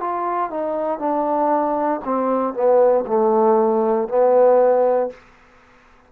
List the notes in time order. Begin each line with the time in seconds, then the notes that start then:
0.00 F4
0.50 D#4
0.98 D4
2.04 C4
2.53 B3
3.06 A3
4.08 B3